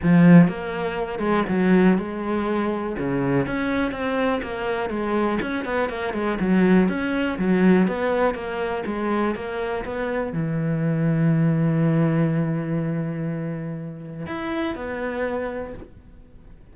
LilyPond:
\new Staff \with { instrumentName = "cello" } { \time 4/4 \tempo 4 = 122 f4 ais4. gis8 fis4 | gis2 cis4 cis'4 | c'4 ais4 gis4 cis'8 b8 | ais8 gis8 fis4 cis'4 fis4 |
b4 ais4 gis4 ais4 | b4 e2.~ | e1~ | e4 e'4 b2 | }